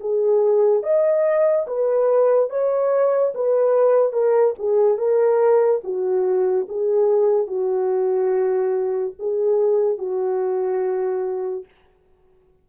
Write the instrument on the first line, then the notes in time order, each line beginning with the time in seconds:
horn
0.00 G#4
0.83 D#5
1.67 B4
2.50 C#5
3.34 B4
4.12 A#4
4.58 G#4
4.98 A#4
5.84 F#4
6.68 G#4
7.47 F#4
9.19 G#4
9.98 F#4